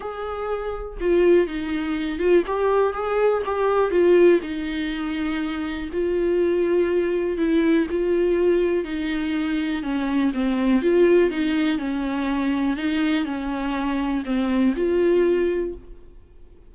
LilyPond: \new Staff \with { instrumentName = "viola" } { \time 4/4 \tempo 4 = 122 gis'2 f'4 dis'4~ | dis'8 f'8 g'4 gis'4 g'4 | f'4 dis'2. | f'2. e'4 |
f'2 dis'2 | cis'4 c'4 f'4 dis'4 | cis'2 dis'4 cis'4~ | cis'4 c'4 f'2 | }